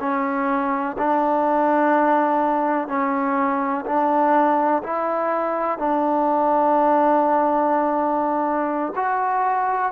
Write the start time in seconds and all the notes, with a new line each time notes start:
0.00 C#4
0.99 D4
2.88 C#4
3.86 D4
4.84 E4
5.79 D4
8.96 F#4